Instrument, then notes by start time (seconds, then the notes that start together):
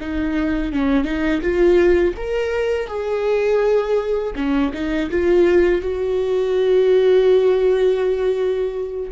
viola
0.00 D#4
0.73 C#4
1.04 D#4
1.41 F4
2.17 A#4
2.87 G#4
4.36 C#4
4.74 D#4
5.10 F4
5.81 F#4